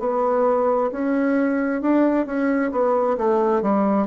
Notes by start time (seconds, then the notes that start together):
0.00 B3
0.92 C#4
1.82 D4
2.26 C#4
2.72 B3
3.18 A3
3.62 G3